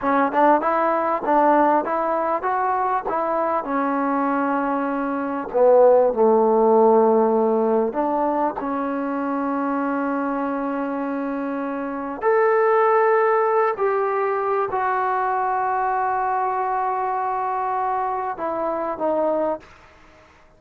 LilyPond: \new Staff \with { instrumentName = "trombone" } { \time 4/4 \tempo 4 = 98 cis'8 d'8 e'4 d'4 e'4 | fis'4 e'4 cis'2~ | cis'4 b4 a2~ | a4 d'4 cis'2~ |
cis'1 | a'2~ a'8 g'4. | fis'1~ | fis'2 e'4 dis'4 | }